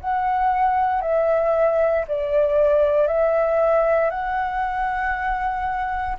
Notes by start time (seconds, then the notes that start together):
0.00 F#5
1.02 E5
2.08 D5
3.07 E5
4.10 F#5